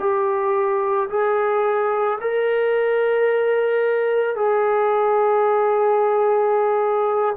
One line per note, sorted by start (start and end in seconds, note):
0.00 1.09 G4
1.10 2.19 G#4
2.21 4.36 A#4
4.36 7.36 G#4